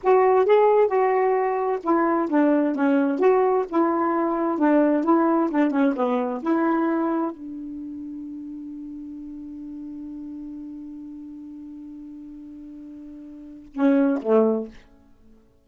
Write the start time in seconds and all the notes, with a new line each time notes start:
0.03 F#4
0.45 G#4
0.87 F#4
1.83 E4
2.29 D4
2.75 C#4
3.19 F#4
3.69 E4
4.58 D4
5.04 E4
5.50 D4
5.70 C#4
5.96 B3
6.42 E4
7.31 D4
13.73 C#4
14.22 A3